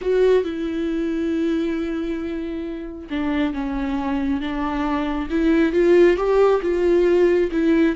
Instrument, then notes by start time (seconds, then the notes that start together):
viola
0.01 F#4
0.44 E4
3.09 D4
3.53 C#4
4.40 D4
5.29 E4
5.72 F4
6.16 G4
6.62 F4
7.51 E4